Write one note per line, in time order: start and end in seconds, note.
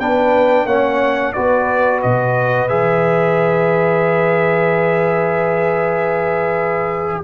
0.00 0.65 B3
0.00 0.69 D4
0.00 0.67 B4
0.00 0.67 G5
0.65 1.33 A#3
0.65 1.35 C#4
0.65 1.34 C#5
0.65 1.33 F#5
1.33 2.04 B3
1.33 2.69 F#4
1.33 7.24 B4
1.33 2.01 D5
2.03 2.70 B2
2.03 2.69 D#5
2.69 7.24 E3
2.69 7.24 G#4
2.69 7.24 E5